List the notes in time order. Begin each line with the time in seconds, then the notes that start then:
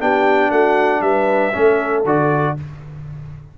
0.00 B3 D4 G4 G5
0.51 A3 F#4 F#5
1.01 G3 B4 E5
1.54 A3 C#4 A4
2.05 D3 F#4 D5